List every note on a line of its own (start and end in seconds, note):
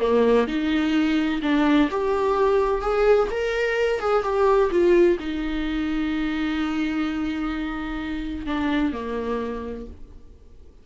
0.00 0.47 A#3
0.47 1.41 D#4
1.42 1.89 D4
1.91 2.81 G4
2.81 3.28 G#4
3.30 4.00 A#4
4.00 4.23 G#4
4.23 4.70 G4
4.71 5.18 F4
5.20 8.46 D#4
8.46 8.93 D4
8.93 9.87 A#3